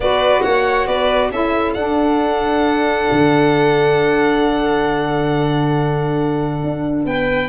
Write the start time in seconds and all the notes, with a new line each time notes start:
0.00 B3 F#4 B4 D5
0.42 A#3 C#5 F#5
0.86 B3 B4 D5
1.30 C#4 E4 A4 E5
1.73 D4 F#5
3.11 D3
6.63 D4
7.05 B3 B4 G5